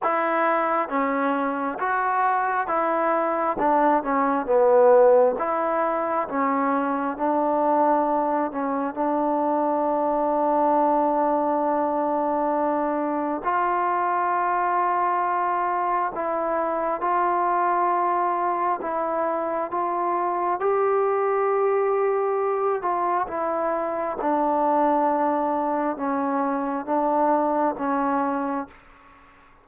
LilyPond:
\new Staff \with { instrumentName = "trombone" } { \time 4/4 \tempo 4 = 67 e'4 cis'4 fis'4 e'4 | d'8 cis'8 b4 e'4 cis'4 | d'4. cis'8 d'2~ | d'2. f'4~ |
f'2 e'4 f'4~ | f'4 e'4 f'4 g'4~ | g'4. f'8 e'4 d'4~ | d'4 cis'4 d'4 cis'4 | }